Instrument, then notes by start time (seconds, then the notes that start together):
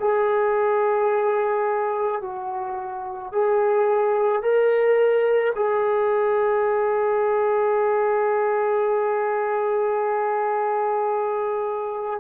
trombone
0.00 G#4
2.22 F#4
3.33 G#4
4.42 A#4
5.56 G#4